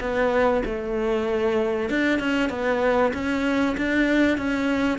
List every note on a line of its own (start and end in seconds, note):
0.00 0.62 B3
0.65 1.89 A3
1.89 2.19 D4
2.19 2.49 C#4
2.49 3.12 B3
3.13 3.76 C#4
3.77 4.37 D4
4.37 4.98 C#4